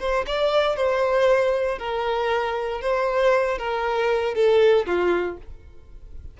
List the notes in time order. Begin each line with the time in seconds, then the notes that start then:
0.00 C5
0.27 D5
0.76 C5
1.79 A#4
2.81 C5
3.59 A#4
4.34 A4
4.86 F4